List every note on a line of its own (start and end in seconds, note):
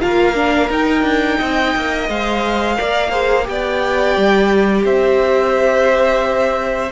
0.00 0.70 A#3
0.00 0.34 F4
0.00 1.38 A#4
0.00 0.69 F5
0.35 0.69 D4
0.70 1.03 D#4
0.70 2.08 D#4
0.70 2.09 G5
1.03 1.37 D4
1.38 1.75 C4
1.38 2.76 D#5
1.76 2.09 A#3
2.09 2.78 G#3
2.09 2.76 C5
2.09 3.47 F5
2.76 3.48 A#3
2.76 3.10 A#4
2.76 3.10 D5
3.10 3.44 G#4
3.10 3.45 C5
3.44 4.17 B3
3.44 6.88 G4
3.44 4.85 G5
3.50 4.85 D5
4.17 4.84 G3
4.84 6.91 C4
4.84 6.92 C5
4.84 6.92 E5